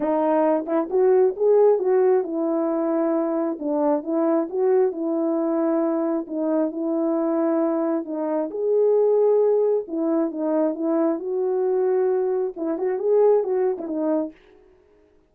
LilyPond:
\new Staff \with { instrumentName = "horn" } { \time 4/4 \tempo 4 = 134 dis'4. e'8 fis'4 gis'4 | fis'4 e'2. | d'4 e'4 fis'4 e'4~ | e'2 dis'4 e'4~ |
e'2 dis'4 gis'4~ | gis'2 e'4 dis'4 | e'4 fis'2. | e'8 fis'8 gis'4 fis'8. e'16 dis'4 | }